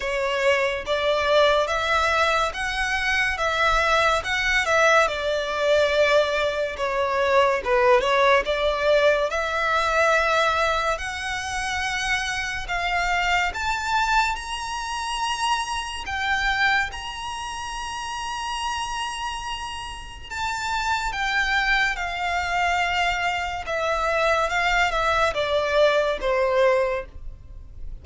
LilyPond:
\new Staff \with { instrumentName = "violin" } { \time 4/4 \tempo 4 = 71 cis''4 d''4 e''4 fis''4 | e''4 fis''8 e''8 d''2 | cis''4 b'8 cis''8 d''4 e''4~ | e''4 fis''2 f''4 |
a''4 ais''2 g''4 | ais''1 | a''4 g''4 f''2 | e''4 f''8 e''8 d''4 c''4 | }